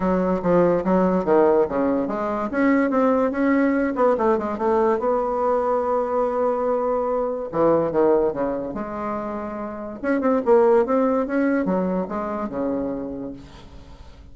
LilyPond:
\new Staff \with { instrumentName = "bassoon" } { \time 4/4 \tempo 4 = 144 fis4 f4 fis4 dis4 | cis4 gis4 cis'4 c'4 | cis'4. b8 a8 gis8 a4 | b1~ |
b2 e4 dis4 | cis4 gis2. | cis'8 c'8 ais4 c'4 cis'4 | fis4 gis4 cis2 | }